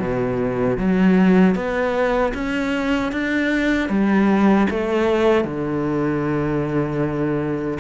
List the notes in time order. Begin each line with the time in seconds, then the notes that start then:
0.00 B2
0.78 F#3
1.55 B3
2.34 C#4
3.12 D4
3.90 G3
4.70 A3
5.45 D3